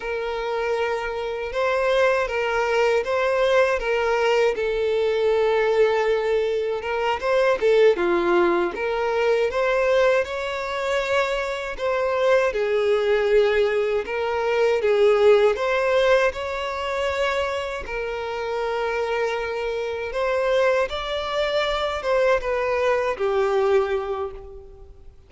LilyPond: \new Staff \with { instrumentName = "violin" } { \time 4/4 \tempo 4 = 79 ais'2 c''4 ais'4 | c''4 ais'4 a'2~ | a'4 ais'8 c''8 a'8 f'4 ais'8~ | ais'8 c''4 cis''2 c''8~ |
c''8 gis'2 ais'4 gis'8~ | gis'8 c''4 cis''2 ais'8~ | ais'2~ ais'8 c''4 d''8~ | d''4 c''8 b'4 g'4. | }